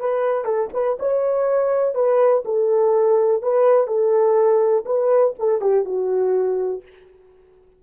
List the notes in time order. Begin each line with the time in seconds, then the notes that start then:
0.00 B4
0.45 A4
0.74 B4
1.00 C#5
1.95 B4
2.45 A4
3.42 B4
3.87 A4
4.85 B4
5.39 A4
5.61 G4
5.85 F#4